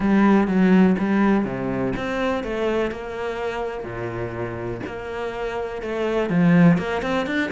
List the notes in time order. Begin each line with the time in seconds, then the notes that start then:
0.00 G3
0.47 F#3
0.98 G3
1.45 C3
1.96 C4
2.43 A3
2.91 A#3
3.84 A#2
4.86 A#3
5.82 A3
6.29 F3
6.77 A#3
7.02 C4
7.26 D4